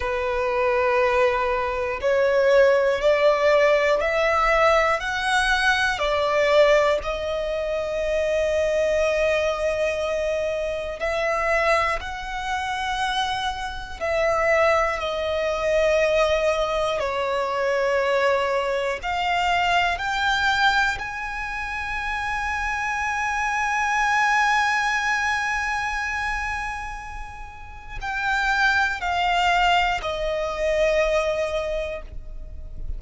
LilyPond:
\new Staff \with { instrumentName = "violin" } { \time 4/4 \tempo 4 = 60 b'2 cis''4 d''4 | e''4 fis''4 d''4 dis''4~ | dis''2. e''4 | fis''2 e''4 dis''4~ |
dis''4 cis''2 f''4 | g''4 gis''2.~ | gis''1 | g''4 f''4 dis''2 | }